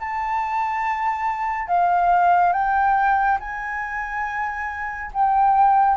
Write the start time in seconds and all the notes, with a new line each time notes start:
0.00 A5
1.68 F5
2.53 G5
3.40 G#5
5.14 G5